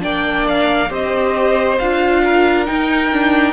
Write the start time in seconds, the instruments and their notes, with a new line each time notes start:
0.00 cello A#3, viola D4, violin D5 G5
0.49 violin F5
0.90 cello C4, viola G4, violin C5 D#5
1.79 cello D4, viola F4, violin F5
2.24 violin A#4
2.67 viola D#4, cello D#4, violin G5
3.13 viola D4